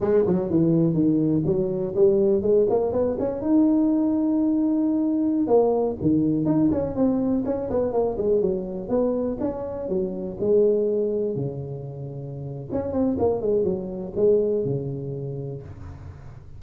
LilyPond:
\new Staff \with { instrumentName = "tuba" } { \time 4/4 \tempo 4 = 123 gis8 fis8 e4 dis4 fis4 | g4 gis8 ais8 b8 cis'8 dis'4~ | dis'2.~ dis'16 ais8.~ | ais16 dis4 dis'8 cis'8 c'4 cis'8 b16~ |
b16 ais8 gis8 fis4 b4 cis'8.~ | cis'16 fis4 gis2 cis8.~ | cis2 cis'8 c'8 ais8 gis8 | fis4 gis4 cis2 | }